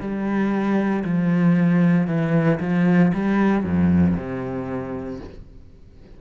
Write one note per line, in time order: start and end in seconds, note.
0.00 1.03 G3
1.04 2.07 F3
2.07 2.59 E3
2.60 3.12 F3
3.14 3.63 G3
3.63 4.15 F2
4.17 5.20 C3